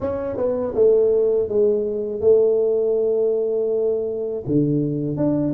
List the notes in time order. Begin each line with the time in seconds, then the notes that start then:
0.00 C#4
0.36 B3
0.74 A3
1.48 G#3
2.21 A3
4.46 D3
5.16 D4